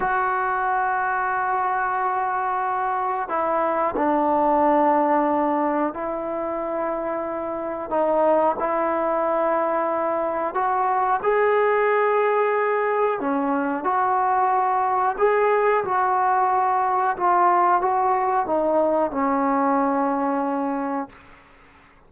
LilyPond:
\new Staff \with { instrumentName = "trombone" } { \time 4/4 \tempo 4 = 91 fis'1~ | fis'4 e'4 d'2~ | d'4 e'2. | dis'4 e'2. |
fis'4 gis'2. | cis'4 fis'2 gis'4 | fis'2 f'4 fis'4 | dis'4 cis'2. | }